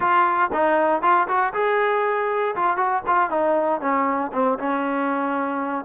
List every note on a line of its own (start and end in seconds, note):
0.00 0.50 F4
0.52 1.01 D#4
1.01 1.27 F4
1.28 1.53 F#4
1.53 2.55 G#4
2.55 2.76 F4
2.76 3.02 F#4
3.06 3.30 F4
3.30 3.80 D#4
3.80 4.31 C#4
4.32 4.58 C4
4.58 5.84 C#4